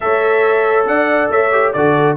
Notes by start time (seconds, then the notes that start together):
0.00 A3 A4 C#5 E5
0.86 D4 D5 F#5
1.30 A3 C#5 E5
1.51 G4
1.72 D3 F#4 A4 D5